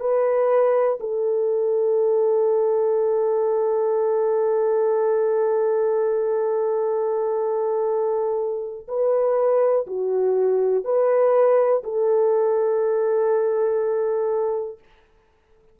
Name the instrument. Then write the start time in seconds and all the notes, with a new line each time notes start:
horn
0.00 B4
1.00 A4
8.88 B4
9.86 F#4
10.84 B4
11.83 A4